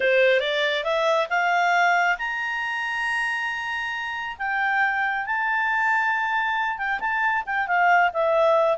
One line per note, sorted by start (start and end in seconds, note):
0.00 0.40 C5
0.40 0.83 D5
0.84 1.27 E5
1.29 2.17 F5
2.18 4.37 A#5
4.38 5.26 G5
5.26 6.77 A5
6.77 6.99 G5
7.00 7.43 A5
7.46 7.67 G5
7.67 8.10 F5
8.13 8.77 E5